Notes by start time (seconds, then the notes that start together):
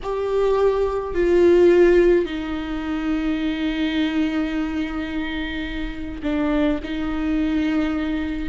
0.02 G4
1.14 F4
2.25 D#4
6.22 D4
6.83 D#4